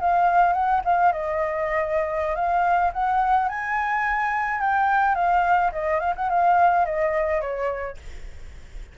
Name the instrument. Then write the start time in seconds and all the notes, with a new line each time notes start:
flute
0.00 F5
0.53 F#5
0.84 F5
1.12 D#5
2.35 F5
2.93 F#5
3.48 G#5
4.61 G5
5.15 F5
5.72 D#5
5.99 F5
6.16 F#5
6.29 F5
6.85 D#5
7.41 C#5